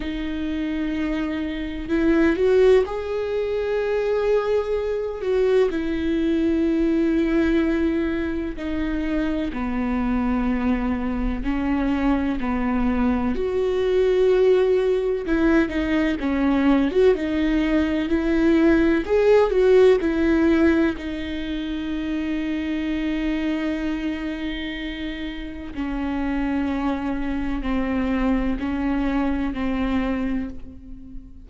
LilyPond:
\new Staff \with { instrumentName = "viola" } { \time 4/4 \tempo 4 = 63 dis'2 e'8 fis'8 gis'4~ | gis'4. fis'8 e'2~ | e'4 dis'4 b2 | cis'4 b4 fis'2 |
e'8 dis'8 cis'8. fis'16 dis'4 e'4 | gis'8 fis'8 e'4 dis'2~ | dis'2. cis'4~ | cis'4 c'4 cis'4 c'4 | }